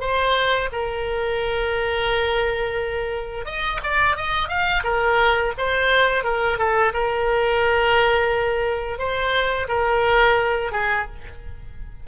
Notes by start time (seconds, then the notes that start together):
0.00 C5
0.72 A#4
3.45 D#5
3.83 D5
4.17 D#5
4.49 F5
4.84 A#4
5.58 C5
6.24 A#4
6.58 A4
6.93 A#4
8.98 C5
9.68 A#4
10.72 G#4